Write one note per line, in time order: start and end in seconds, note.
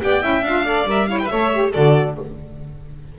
0.00 0.23 B3
0.00 0.21 G4
0.00 0.23 D5
0.00 0.45 G5
0.21 0.42 C#4
0.21 0.42 E4
0.21 0.65 E5
0.42 0.85 D4
0.42 0.65 F4
0.42 0.88 F5
0.65 0.87 A4
0.65 1.08 D5
0.85 1.27 G3
0.85 1.07 A#4
0.91 1.07 E5
1.07 1.28 E4
1.07 1.22 C#5
1.07 1.18 F5
1.19 1.31 B4
1.19 1.27 G5
1.27 1.75 A3
1.27 1.53 A4
1.27 1.72 C#5
1.27 1.69 E5
1.53 1.73 G4
1.72 2.19 D3
1.72 2.16 F#4
1.72 2.15 A4
1.72 2.17 D5